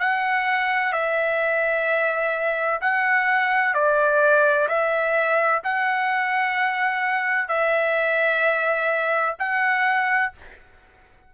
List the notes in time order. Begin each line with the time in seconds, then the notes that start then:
0.00 F#5
0.93 E5
2.81 F#5
3.75 D5
4.69 E5
5.64 F#5
7.49 E5
9.39 F#5